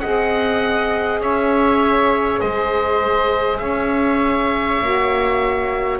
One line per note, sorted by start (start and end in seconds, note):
0.00 1.20 C4
0.00 4.83 G#4
0.00 1.23 D#5
0.00 1.20 F#5
1.20 2.40 C#4
1.20 2.42 C#5
1.20 2.40 E5
2.40 3.61 G#3
2.40 3.62 C5
2.40 3.58 D#5
3.58 4.81 C#4
3.58 6.00 C#5
3.58 5.99 E5
4.81 6.00 A#3
4.81 6.00 F#4